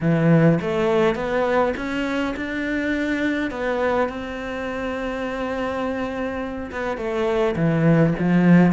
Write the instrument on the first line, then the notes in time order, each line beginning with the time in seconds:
cello
0.01 E3
0.61 A3
1.15 B3
1.76 C#4
2.36 D4
3.50 B3
4.08 C4
6.71 B3
6.97 A3
7.55 E3
8.18 F3